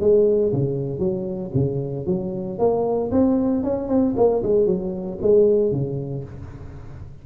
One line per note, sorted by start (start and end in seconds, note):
0.00 0.52 G#3
0.52 0.99 C#3
0.99 1.51 F#3
1.54 2.06 C#3
2.06 2.58 F#3
2.58 3.11 A#3
3.11 3.63 C4
3.63 3.88 C#4
3.88 4.14 C4
4.16 4.43 A#3
4.43 4.66 G#3
4.66 5.18 F#3
5.22 5.72 G#3
5.72 6.24 C#3